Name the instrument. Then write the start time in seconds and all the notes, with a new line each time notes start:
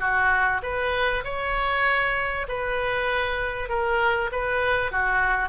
oboe
0.00 F#4
0.63 B4
1.24 C#5
2.48 B4
3.69 A#4
4.32 B4
4.91 F#4